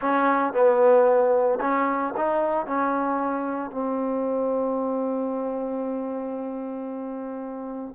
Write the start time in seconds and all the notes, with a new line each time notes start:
0.01 C#4
0.53 B3
1.60 C#4
2.16 D#4
2.66 C#4
3.71 C4